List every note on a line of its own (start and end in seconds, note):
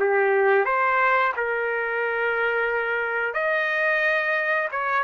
0.00 0.65 G4
0.65 1.33 C5
1.37 3.34 A#4
3.34 4.69 D#5
4.72 5.03 C#5